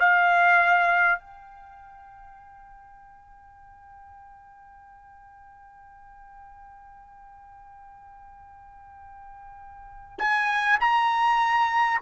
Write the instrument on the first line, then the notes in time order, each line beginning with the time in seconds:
trumpet
0.00 F5
1.19 G5
10.19 G#5
10.80 A#5